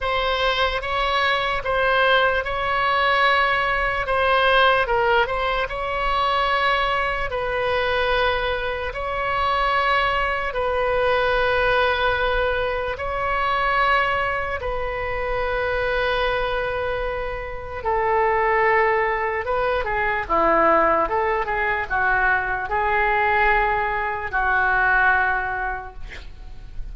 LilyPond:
\new Staff \with { instrumentName = "oboe" } { \time 4/4 \tempo 4 = 74 c''4 cis''4 c''4 cis''4~ | cis''4 c''4 ais'8 c''8 cis''4~ | cis''4 b'2 cis''4~ | cis''4 b'2. |
cis''2 b'2~ | b'2 a'2 | b'8 gis'8 e'4 a'8 gis'8 fis'4 | gis'2 fis'2 | }